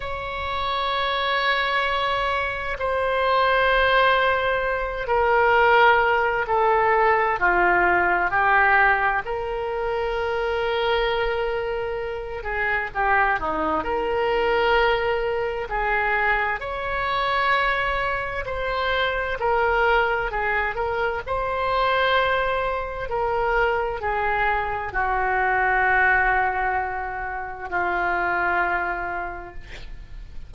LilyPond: \new Staff \with { instrumentName = "oboe" } { \time 4/4 \tempo 4 = 65 cis''2. c''4~ | c''4. ais'4. a'4 | f'4 g'4 ais'2~ | ais'4. gis'8 g'8 dis'8 ais'4~ |
ais'4 gis'4 cis''2 | c''4 ais'4 gis'8 ais'8 c''4~ | c''4 ais'4 gis'4 fis'4~ | fis'2 f'2 | }